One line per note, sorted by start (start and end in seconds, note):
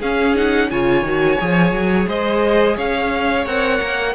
0.00 0.36 C#4
0.00 0.72 C#4
0.00 0.69 G#4
0.00 0.36 F5
0.36 0.70 D#4
0.36 0.70 F#5
0.70 1.02 C#3
0.70 1.05 F4
0.70 2.09 C#5
0.70 2.08 G#5
1.02 1.36 D#3
1.02 1.39 F#4
1.40 1.72 F3
1.40 3.46 G#4
1.72 2.07 F#3
2.08 2.77 G#3
2.08 2.76 C5
2.08 2.77 D#5
2.76 3.46 C#4
2.76 4.14 C#5
2.76 3.46 F5
3.46 3.81 C4
3.46 4.15 A#4
3.46 4.15 F#5
3.81 4.15 A#3